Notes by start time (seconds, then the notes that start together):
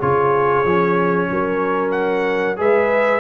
0.00 C#3 F4 G#4 C#5
0.65 F3 C#4
1.31 F#3 A#4
1.91 F#5
2.57 G#3 G#4 B4 E5